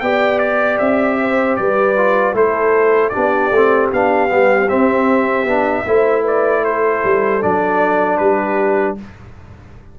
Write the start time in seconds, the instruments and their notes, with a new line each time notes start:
0.00 tuba B3, trombone G4, horn D5, trumpet G5
0.39 trumpet D5
0.78 tuba C4, trumpet E5
1.21 horn C5
1.56 tuba G3, horn B4, trumpet D5
1.97 trombone F4
2.34 tuba A3, trombone E4, horn A4, trumpet C5
3.09 trombone D4, horn G4, trumpet D5
3.17 tuba B3
3.51 tuba A3, trombone C4
3.92 tuba B3, trombone D4, trumpet F5
4.28 tuba G3, trombone B3
4.68 trombone C4, tuba C4, trumpet E5
5.45 tuba B3, trombone D4
5.86 tuba A3, trombone E4, horn C5
6.22 horn B4, trumpet D5
6.64 horn A4, trumpet C5
7.04 tuba G3
7.42 tuba F#3, trombone D4, trumpet D5
8.17 tuba G3, horn G4, trumpet B4